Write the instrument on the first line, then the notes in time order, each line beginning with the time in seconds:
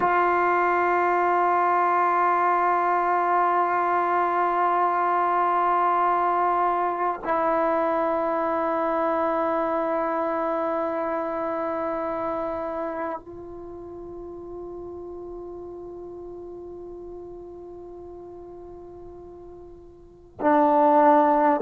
trombone
0.00 F4
7.23 E4
13.19 F4
20.40 D4